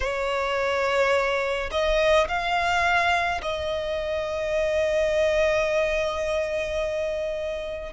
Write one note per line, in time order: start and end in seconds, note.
0.00 1.70 C#5
1.71 2.27 D#5
2.27 3.41 F5
3.42 7.92 D#5